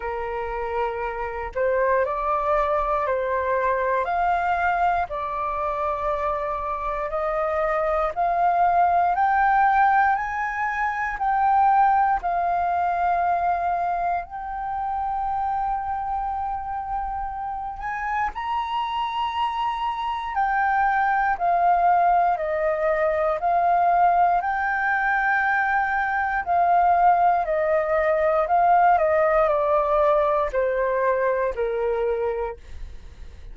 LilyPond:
\new Staff \with { instrumentName = "flute" } { \time 4/4 \tempo 4 = 59 ais'4. c''8 d''4 c''4 | f''4 d''2 dis''4 | f''4 g''4 gis''4 g''4 | f''2 g''2~ |
g''4. gis''8 ais''2 | g''4 f''4 dis''4 f''4 | g''2 f''4 dis''4 | f''8 dis''8 d''4 c''4 ais'4 | }